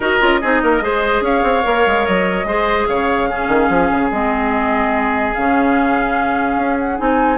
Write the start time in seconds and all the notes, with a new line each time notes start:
0.00 D#4 F#4 A#4 D#5
0.20 C#4 F4
0.41 C4 D#4 G#4
0.62 A#3 A#4
0.80 G#3 G#4 C5
1.21 C#4 C#5 F5
1.43 C4
1.62 A#3 A#4
1.86 G#3
2.05 F#3 D#5
2.44 G#3 G#4 C5
2.86 C#3 C#5 F5
3.29 C#4 G#4
3.48 D#3
3.69 F3
3.91 C#3
4.10 G#3 C4 D#5
5.34 C#3 C#4 F5
6.57 C#4
6.78 F#5
6.97 C4 D#4 G#5